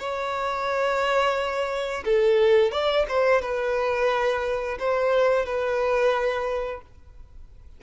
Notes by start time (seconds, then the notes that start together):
0.00 C#5
2.05 A4
2.72 D5
3.09 C5
3.42 B4
4.80 C5
5.46 B4